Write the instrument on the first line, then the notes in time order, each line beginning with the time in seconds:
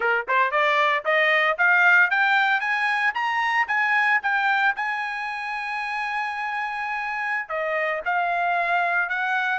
trumpet
0.00 A#4
0.28 C5
0.51 D5
1.05 D#5
1.58 F5
2.10 G5
2.60 G#5
3.14 A#5
3.67 G#5
4.22 G5
4.76 G#5
7.48 D#5
8.05 F5
9.09 F#5